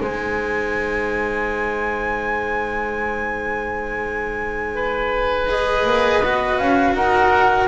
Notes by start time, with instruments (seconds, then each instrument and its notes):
0.00 double bass G#3, cello D#4, oboe C5, flute G#5
4.75 oboe B4
5.48 cello G#4, flute D#5
5.85 double bass A#3
6.22 double bass B3, cello F#4
6.58 double bass C#4, flute F5
6.94 double bass D#4, oboe A#4, flute F#5